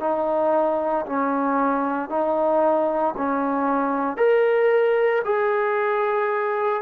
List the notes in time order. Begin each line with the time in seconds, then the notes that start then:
0.00 D#4
1.06 C#4
2.10 D#4
3.17 C#4
4.17 A#4
5.25 G#4